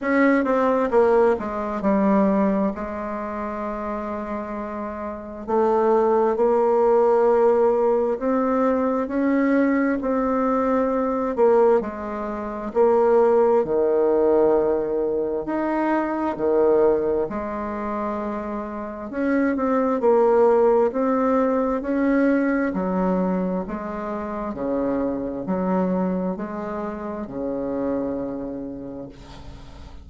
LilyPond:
\new Staff \with { instrumentName = "bassoon" } { \time 4/4 \tempo 4 = 66 cis'8 c'8 ais8 gis8 g4 gis4~ | gis2 a4 ais4~ | ais4 c'4 cis'4 c'4~ | c'8 ais8 gis4 ais4 dis4~ |
dis4 dis'4 dis4 gis4~ | gis4 cis'8 c'8 ais4 c'4 | cis'4 fis4 gis4 cis4 | fis4 gis4 cis2 | }